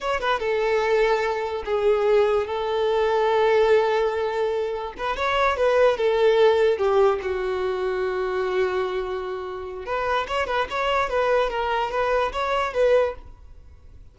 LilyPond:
\new Staff \with { instrumentName = "violin" } { \time 4/4 \tempo 4 = 146 cis''8 b'8 a'2. | gis'2 a'2~ | a'1 | b'8 cis''4 b'4 a'4.~ |
a'8 g'4 fis'2~ fis'8~ | fis'1 | b'4 cis''8 b'8 cis''4 b'4 | ais'4 b'4 cis''4 b'4 | }